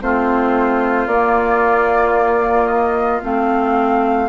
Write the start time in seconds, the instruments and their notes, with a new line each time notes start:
0.00 bassoon A3, clarinet C4, oboe F4, flute C5
1.06 bassoon A#3, clarinet A#3, flute D5
2.67 flute D#5
3.22 bassoon A3, clarinet C4, flute F5